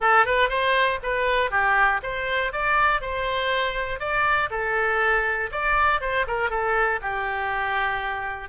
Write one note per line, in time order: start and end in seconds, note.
0.00 0.25 A4
0.25 0.49 B4
0.49 0.99 C5
1.02 1.50 B4
1.50 2.00 G4
2.02 2.52 C5
2.52 3.01 D5
3.01 3.99 C5
3.99 4.49 D5
4.50 5.50 A4
5.51 6.00 D5
6.00 6.25 C5
6.27 6.50 A#4
6.50 7.00 A4
7.01 8.48 G4